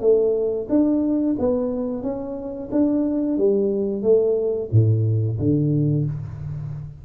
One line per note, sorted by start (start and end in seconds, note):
0.00 0.67 A3
0.69 1.35 D4
1.38 2.02 B3
2.02 2.69 C#4
2.71 3.37 D4
3.37 4.02 G3
4.02 4.68 A3
4.72 5.38 A2
5.38 6.05 D3